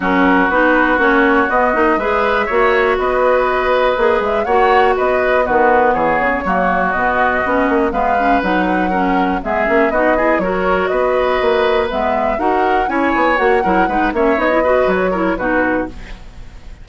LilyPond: <<
  \new Staff \with { instrumentName = "flute" } { \time 4/4 \tempo 4 = 121 ais'4 b'4 cis''4 dis''4 | e''2 dis''2~ | dis''8 e''8 fis''4 dis''4 b'4 | cis''2 dis''2 |
f''4 fis''2 e''4 | dis''4 cis''4 dis''2 | e''4 fis''4 gis''4 fis''4~ | fis''8 e''8 dis''4 cis''4 b'4 | }
  \new Staff \with { instrumentName = "oboe" } { \time 4/4 fis'1 | b'4 cis''4 b'2~ | b'4 cis''4 b'4 fis'4 | gis'4 fis'2. |
b'2 ais'4 gis'4 | fis'8 gis'8 ais'4 b'2~ | b'4 ais'4 cis''4. ais'8 | b'8 cis''4 b'4 ais'8 fis'4 | }
  \new Staff \with { instrumentName = "clarinet" } { \time 4/4 cis'4 dis'4 cis'4 b8 dis'8 | gis'4 fis'2. | gis'4 fis'2 b4~ | b4 ais4 b4 cis'4 |
b8 cis'8 dis'4 cis'4 b8 cis'8 | dis'8 e'8 fis'2. | b4 fis'4 e'4 fis'8 e'8 | dis'8 cis'8 dis'16 e'16 fis'4 e'8 dis'4 | }
  \new Staff \with { instrumentName = "bassoon" } { \time 4/4 fis4 b4 ais4 b8 ais8 | gis4 ais4 b2 | ais8 gis8 ais4 b4 dis4 | e8 cis8 fis4 b,4 b8 ais8 |
gis4 fis2 gis8 ais8 | b4 fis4 b4 ais4 | gis4 dis'4 cis'8 b8 ais8 fis8 | gis8 ais8 b4 fis4 b,4 | }
>>